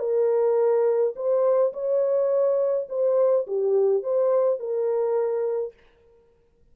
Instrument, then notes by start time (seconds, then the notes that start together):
horn
0.00 A#4
1.16 C5
1.73 C#5
2.89 C5
3.48 G4
4.03 C5
4.59 A#4